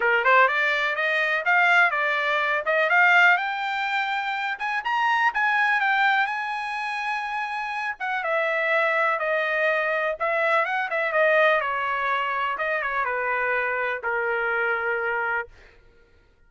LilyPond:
\new Staff \with { instrumentName = "trumpet" } { \time 4/4 \tempo 4 = 124 ais'8 c''8 d''4 dis''4 f''4 | d''4. dis''8 f''4 g''4~ | g''4. gis''8 ais''4 gis''4 | g''4 gis''2.~ |
gis''8 fis''8 e''2 dis''4~ | dis''4 e''4 fis''8 e''8 dis''4 | cis''2 dis''8 cis''8 b'4~ | b'4 ais'2. | }